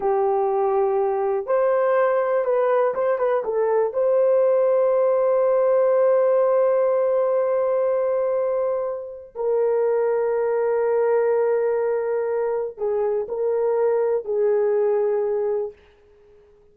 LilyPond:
\new Staff \with { instrumentName = "horn" } { \time 4/4 \tempo 4 = 122 g'2. c''4~ | c''4 b'4 c''8 b'8 a'4 | c''1~ | c''1~ |
c''2. ais'4~ | ais'1~ | ais'2 gis'4 ais'4~ | ais'4 gis'2. | }